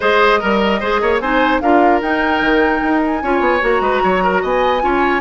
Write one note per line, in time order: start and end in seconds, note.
0.00 0.42 G#3
0.00 0.41 G#4
0.00 0.39 C5
0.00 1.18 D#5
0.39 0.82 G3
0.39 0.79 A#4
0.39 0.81 A#4
0.80 1.01 G#3
0.80 1.21 G#4
0.80 1.00 C5
1.01 1.20 A#3
1.01 1.21 C#5
1.19 1.60 C4
1.19 1.62 D#4
1.19 1.61 C5
1.19 1.59 G#5
1.60 2.02 D4
1.60 2.02 F4
1.60 3.23 A#4
1.60 2.00 F5
2.02 2.40 D#4
2.02 3.23 D#4
2.02 3.02 G5
2.40 2.81 D#3
2.83 3.22 D#4
3.03 3.63 G#5
3.22 3.40 C#4
3.22 3.60 F4
3.22 3.82 C#5
3.40 3.60 B3
3.60 3.80 A#3
3.60 4.81 F#4
3.60 4.43 A#5
3.80 4.00 G#3
3.80 4.02 B4
4.03 4.43 F#3
4.03 4.23 C#5
4.23 4.42 A#4
4.42 4.83 B3
4.42 4.82 D#5
4.42 5.21 G#5
4.81 5.21 C#4
4.81 5.21 F4
4.81 5.21 C#5